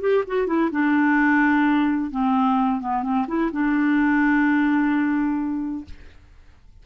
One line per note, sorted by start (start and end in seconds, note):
0.00 0.23 G4
0.27 0.47 F#4
0.47 0.70 E4
0.71 2.11 D4
2.11 2.80 C4
2.80 3.03 B3
3.03 3.26 C4
3.27 3.51 E4
3.52 5.85 D4